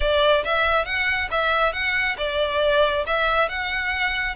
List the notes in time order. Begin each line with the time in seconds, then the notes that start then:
0.00 D5
0.44 E5
0.85 F#5
1.30 E5
1.73 F#5
2.17 D5
3.06 E5
3.48 F#5